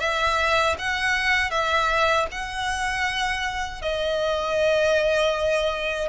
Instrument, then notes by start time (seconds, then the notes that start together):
violin
0.00 E5
0.79 F#5
1.51 E5
2.32 F#5
3.82 D#5